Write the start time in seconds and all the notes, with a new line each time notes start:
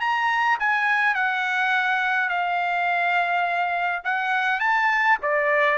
0.00 A#5
0.59 G#5
1.14 F#5
2.29 F5
4.04 F#5
4.60 A5
5.22 D5